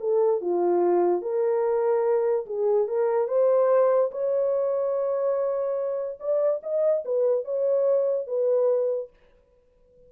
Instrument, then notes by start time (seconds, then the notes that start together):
horn
0.00 A4
0.41 F4
1.22 A#4
2.47 G#4
2.88 A#4
3.28 C5
4.12 C#5
6.20 D5
6.63 D#5
7.05 B4
7.45 C#5
8.27 B4